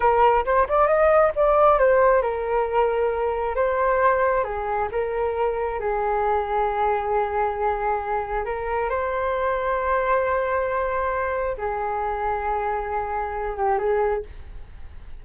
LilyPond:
\new Staff \with { instrumentName = "flute" } { \time 4/4 \tempo 4 = 135 ais'4 c''8 d''8 dis''4 d''4 | c''4 ais'2. | c''2 gis'4 ais'4~ | ais'4 gis'2.~ |
gis'2. ais'4 | c''1~ | c''2 gis'2~ | gis'2~ gis'8 g'8 gis'4 | }